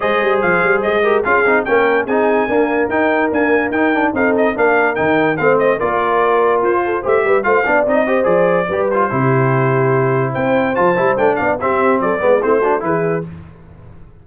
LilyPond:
<<
  \new Staff \with { instrumentName = "trumpet" } { \time 4/4 \tempo 4 = 145 dis''4 f''4 dis''4 f''4 | g''4 gis''2 g''4 | gis''4 g''4 f''8 dis''8 f''4 | g''4 f''8 dis''8 d''2 |
c''4 e''4 f''4 dis''4 | d''4. c''2~ c''8~ | c''4 g''4 a''4 g''8 f''8 | e''4 d''4 c''4 b'4 | }
  \new Staff \with { instrumentName = "horn" } { \time 4/4 c''2~ c''8 ais'8 gis'4 | ais'4 gis'4 ais'2~ | ais'2 a'4 ais'4~ | ais'4 c''4 ais'2~ |
ais'8 a'8 c''8 b'8 c''8 d''4 c''8~ | c''4 b'4 g'2~ | g'4 c''2~ c''8 d''8 | g'4 a'8 b'8 e'8 fis'8 gis'4 | }
  \new Staff \with { instrumentName = "trombone" } { \time 4/4 gis'2~ gis'8 g'8 f'8 dis'8 | cis'4 dis'4 ais4 dis'4 | ais4 dis'8 d'8 dis'4 d'4 | dis'4 c'4 f'2~ |
f'4 g'4 f'8 d'8 dis'8 g'8 | gis'4 g'8 f'8 e'2~ | e'2 f'8 e'8 d'4 | c'4. b8 c'8 d'8 e'4 | }
  \new Staff \with { instrumentName = "tuba" } { \time 4/4 gis8 g8 f8 g8 gis4 cis'8 c'8 | ais4 c'4 d'4 dis'4 | d'4 dis'4 c'4 ais4 | dis4 a4 ais2 |
f'4 a8 g8 a8 b8 c'4 | f4 g4 c2~ | c4 c'4 f8 g8 a8 b8 | c'4 fis8 gis8 a4 e4 | }
>>